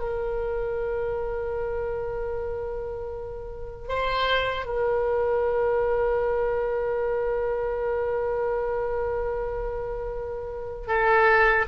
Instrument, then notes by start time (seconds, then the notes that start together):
oboe
0.00 A#4
3.89 C5
4.66 A#4
10.88 A4